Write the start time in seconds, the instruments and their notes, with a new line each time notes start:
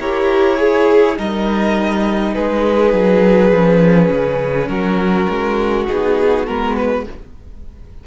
0.00 cello E4, viola G4, violin A#4 C#5
0.57 viola G#4, violin G#4
1.16 cello G3, viola D#4, violin A#4 D#5
2.34 cello G#3, violin G#4 B4
2.94 cello F#3
3.52 cello F3, viola C#4
4.09 cello C#3
4.68 cello F#3, violin F#4 A#4
5.30 cello G#3
5.88 cello B3, viola D#4, violin G#4
6.47 cello G#3, viola B3, violin A#4
6.77 violin B4